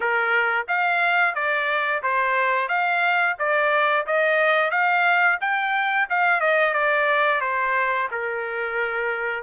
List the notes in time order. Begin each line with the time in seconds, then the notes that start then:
0.00 A#4
0.68 F5
1.34 D5
2.03 C5
2.68 F5
3.38 D5
4.06 D#5
4.70 F5
5.40 G5
6.09 F5
6.40 D#5
6.73 D5
7.41 C5
8.11 A#4